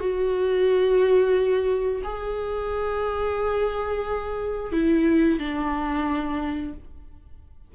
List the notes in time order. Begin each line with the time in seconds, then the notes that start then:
0.00 F#4
2.04 G#4
4.73 E4
5.39 D4